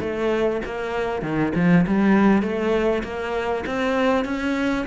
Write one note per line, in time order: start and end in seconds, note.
0.00 0.61 A3
0.65 1.21 A#3
1.21 1.52 D#3
1.55 1.85 F3
1.87 2.42 G3
2.42 3.02 A3
3.03 3.64 A#3
3.66 4.24 C4
4.24 4.85 C#4